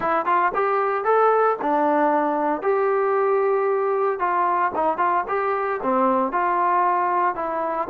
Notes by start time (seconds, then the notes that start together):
0.00 E4
0.25 F4
0.54 G4
1.04 A4
1.61 D4
2.62 G4
4.19 F4
4.75 D#4
4.97 F4
5.28 G4
5.82 C4
6.32 F4
7.35 E4